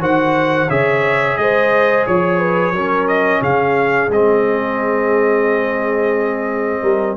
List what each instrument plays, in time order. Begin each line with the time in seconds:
0.00 tuba D#3, trombone F#4, horn C5, trumpet F#5
0.69 tuba C#3, trombone G#4, horn C#5, trumpet E5
1.37 tuba G#3, horn C5, trumpet D#5
2.07 tuba F3, trumpet C#5, horn C#5
2.39 horn B4
2.72 tuba F#3, trombone C#4, horn A#4
3.08 trumpet D#5
3.41 tuba C#3, horn G#4, trumpet F5
4.09 tuba G#3, trombone C4, trumpet D#5
6.82 tuba G3, horn A#4